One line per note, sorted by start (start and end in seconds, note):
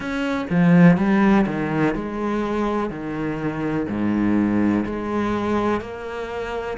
0.00 0.46 C#4
0.50 0.97 F3
0.97 1.45 G3
1.46 1.94 D#3
1.94 2.90 G#3
2.90 3.87 D#3
3.88 4.85 G#2
4.85 5.80 G#3
5.80 6.77 A#3